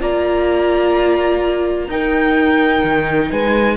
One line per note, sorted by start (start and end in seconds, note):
0.00 1.88 A#3
0.00 1.89 F4
0.00 1.90 D5
0.00 1.90 A#5
1.88 2.82 D#4
1.88 3.77 D#4
1.88 3.31 A#4
1.88 3.31 G5
2.83 3.31 D#3
3.31 3.77 G#3
3.31 3.77 B4
3.31 3.77 G#5